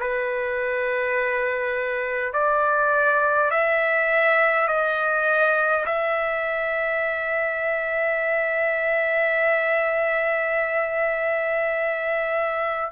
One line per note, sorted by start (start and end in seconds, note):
0.00 2.33 B4
2.33 3.51 D5
3.51 4.68 E5
4.68 5.86 D#5
5.86 12.92 E5